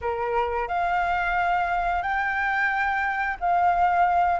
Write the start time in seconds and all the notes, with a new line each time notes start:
0.01 A#4
0.67 F5
2.02 G5
3.40 F5